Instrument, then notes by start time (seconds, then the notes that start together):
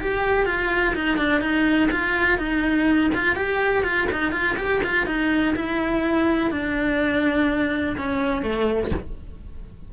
cello
0.00 G4
0.46 F4
0.95 D#4
1.17 D4
1.40 D#4
1.91 F4
2.38 D#4
3.14 F4
3.35 G4
3.83 F4
4.12 D#4
4.32 F4
4.57 G4
4.83 F4
5.06 D#4
5.55 E4
6.51 D4
7.97 C#4
8.42 A3